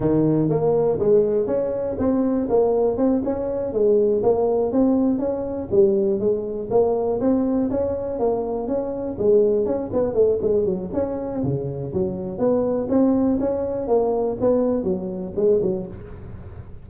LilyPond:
\new Staff \with { instrumentName = "tuba" } { \time 4/4 \tempo 4 = 121 dis4 ais4 gis4 cis'4 | c'4 ais4 c'8 cis'4 gis8~ | gis8 ais4 c'4 cis'4 g8~ | g8 gis4 ais4 c'4 cis'8~ |
cis'8 ais4 cis'4 gis4 cis'8 | b8 a8 gis8 fis8 cis'4 cis4 | fis4 b4 c'4 cis'4 | ais4 b4 fis4 gis8 fis8 | }